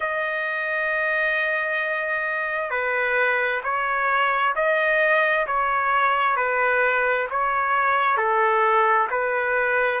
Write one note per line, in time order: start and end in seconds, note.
0.00 2.70 D#5
2.70 3.61 B4
3.63 4.54 C#5
4.55 5.46 D#5
5.46 6.36 C#5
6.36 7.27 B4
7.30 8.17 C#5
8.17 9.08 A4
9.10 10.00 B4